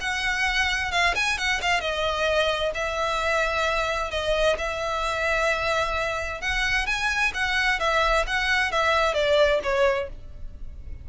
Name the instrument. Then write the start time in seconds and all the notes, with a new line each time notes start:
violin
0.00 F#5
0.91 F5
1.15 G#5
1.37 F#5
1.61 F5
1.80 D#5
2.74 E5
4.10 D#5
4.57 E5
6.41 F#5
6.86 G#5
7.34 F#5
7.79 E5
8.27 F#5
8.71 E5
9.14 D5
9.63 C#5